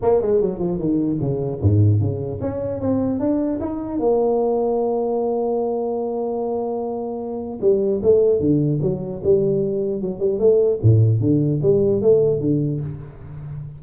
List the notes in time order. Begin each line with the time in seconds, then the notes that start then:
0.01 A#3
0.21 G#3
0.41 F#3
0.59 F3
0.78 D#3
1.20 C#3
1.61 G#2
2.00 C#3
2.40 C#4
2.80 C4
3.19 D4
3.60 D#4
3.99 A#3
7.61 G3
8.02 A3
8.40 D3
8.81 F#3
9.23 G3
10.01 F#3
10.19 G3
10.39 A3
10.82 A2
11.20 D3
11.62 G3
12.01 A3
12.40 D3